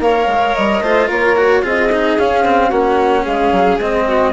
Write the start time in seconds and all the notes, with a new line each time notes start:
0.00 A#3 A#4 C#5 F5
0.27 G#3
0.55 G3 D#5
0.81 A3 F4 C5
1.07 A#3 A#4 C#5
1.37 F#4
1.63 C4 F4 G#4 D#5
1.92 D#4
2.19 C#4 F5
2.45 C4
2.69 A#3 C#4 F#4 F#5
3.24 G#3 G#4 F5
3.52 F#3
3.80 G#3 C4 D#5
4.08 F#4